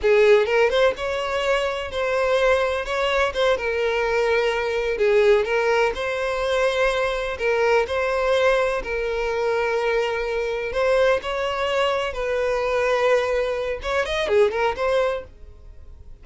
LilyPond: \new Staff \with { instrumentName = "violin" } { \time 4/4 \tempo 4 = 126 gis'4 ais'8 c''8 cis''2 | c''2 cis''4 c''8 ais'8~ | ais'2~ ais'8 gis'4 ais'8~ | ais'8 c''2. ais'8~ |
ais'8 c''2 ais'4.~ | ais'2~ ais'8 c''4 cis''8~ | cis''4. b'2~ b'8~ | b'4 cis''8 dis''8 gis'8 ais'8 c''4 | }